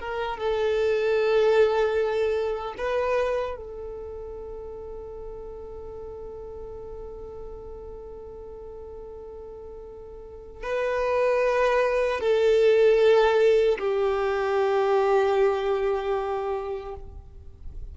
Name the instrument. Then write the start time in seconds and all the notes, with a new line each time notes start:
violin
0.00 A#4
0.37 A4
2.78 B4
3.57 A4
10.63 B4
12.20 A4
13.79 G4